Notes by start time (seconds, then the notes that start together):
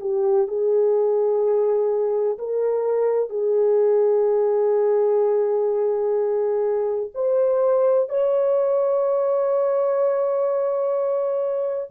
0.00 G4
0.47 G#4
2.38 A#4
3.29 G#4
7.14 C5
8.09 C#5